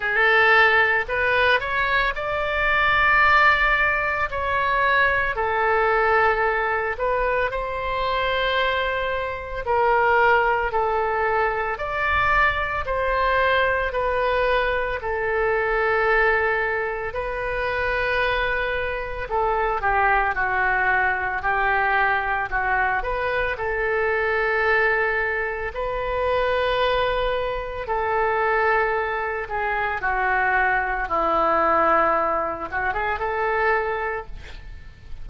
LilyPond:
\new Staff \with { instrumentName = "oboe" } { \time 4/4 \tempo 4 = 56 a'4 b'8 cis''8 d''2 | cis''4 a'4. b'8 c''4~ | c''4 ais'4 a'4 d''4 | c''4 b'4 a'2 |
b'2 a'8 g'8 fis'4 | g'4 fis'8 b'8 a'2 | b'2 a'4. gis'8 | fis'4 e'4. fis'16 gis'16 a'4 | }